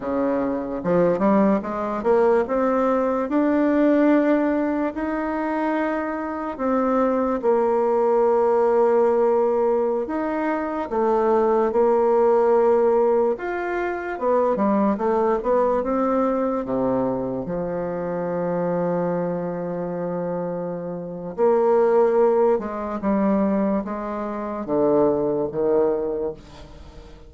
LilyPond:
\new Staff \with { instrumentName = "bassoon" } { \time 4/4 \tempo 4 = 73 cis4 f8 g8 gis8 ais8 c'4 | d'2 dis'2 | c'4 ais2.~ | ais16 dis'4 a4 ais4.~ ais16~ |
ais16 f'4 b8 g8 a8 b8 c'8.~ | c'16 c4 f2~ f8.~ | f2 ais4. gis8 | g4 gis4 d4 dis4 | }